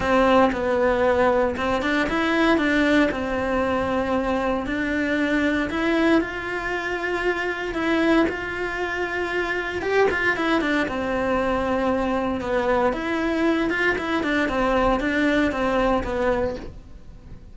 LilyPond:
\new Staff \with { instrumentName = "cello" } { \time 4/4 \tempo 4 = 116 c'4 b2 c'8 d'8 | e'4 d'4 c'2~ | c'4 d'2 e'4 | f'2. e'4 |
f'2. g'8 f'8 | e'8 d'8 c'2. | b4 e'4. f'8 e'8 d'8 | c'4 d'4 c'4 b4 | }